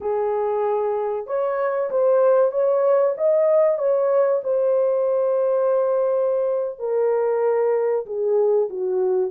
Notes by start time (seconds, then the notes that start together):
0.01 G#4
1.26 C#5
1.90 C5
2.51 C#5
3.17 D#5
3.78 C#5
4.43 C5
6.79 A#4
8.06 G#4
8.69 F#4